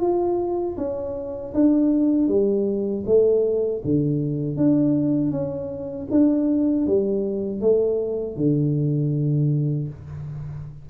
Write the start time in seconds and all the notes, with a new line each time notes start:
0.00 F4
0.77 C#4
1.53 D4
2.28 G3
3.06 A3
3.84 D3
4.56 D4
5.31 C#4
6.10 D4
6.87 G3
7.60 A3
8.36 D3